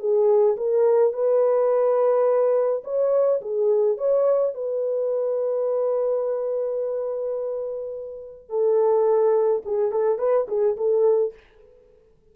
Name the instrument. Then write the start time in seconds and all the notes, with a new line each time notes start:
horn
0.00 G#4
0.57 A#4
1.13 B4
2.85 C#5
3.41 G#4
3.98 C#5
4.55 B4
8.50 A4
9.66 G#4
9.92 A4
10.19 B4
10.48 G#4
10.77 A4